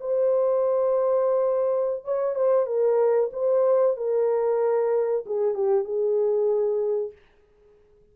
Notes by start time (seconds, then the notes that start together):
0.00 C5
2.05 C#5
2.35 C5
2.67 A#4
3.33 C5
3.97 A#4
5.26 G#4
5.54 G4
5.84 G#4